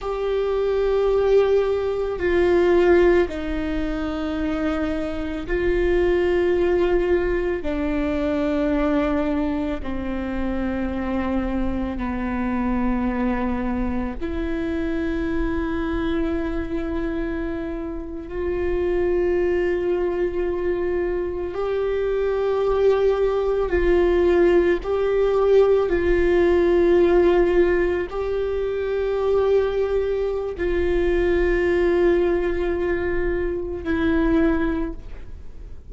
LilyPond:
\new Staff \with { instrumentName = "viola" } { \time 4/4 \tempo 4 = 55 g'2 f'4 dis'4~ | dis'4 f'2 d'4~ | d'4 c'2 b4~ | b4 e'2.~ |
e'8. f'2. g'16~ | g'4.~ g'16 f'4 g'4 f'16~ | f'4.~ f'16 g'2~ g'16 | f'2. e'4 | }